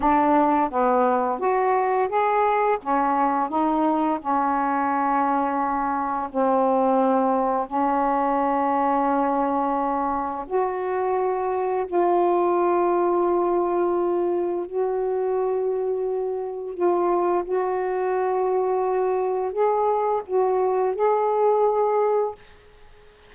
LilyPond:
\new Staff \with { instrumentName = "saxophone" } { \time 4/4 \tempo 4 = 86 d'4 b4 fis'4 gis'4 | cis'4 dis'4 cis'2~ | cis'4 c'2 cis'4~ | cis'2. fis'4~ |
fis'4 f'2.~ | f'4 fis'2. | f'4 fis'2. | gis'4 fis'4 gis'2 | }